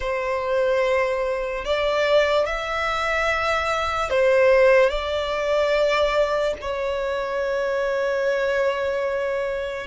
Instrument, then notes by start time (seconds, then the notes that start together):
violin
0.00 C5
1.64 D5
2.45 E5
4.09 C5
4.89 D5
6.61 C#5